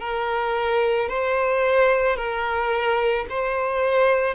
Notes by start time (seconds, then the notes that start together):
0.00 A#4
1.09 C5
2.16 A#4
3.30 C5